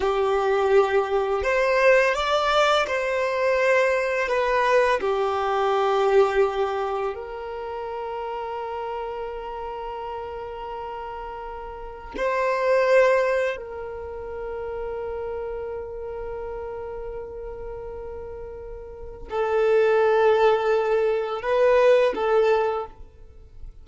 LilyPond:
\new Staff \with { instrumentName = "violin" } { \time 4/4 \tempo 4 = 84 g'2 c''4 d''4 | c''2 b'4 g'4~ | g'2 ais'2~ | ais'1~ |
ais'4 c''2 ais'4~ | ais'1~ | ais'2. a'4~ | a'2 b'4 a'4 | }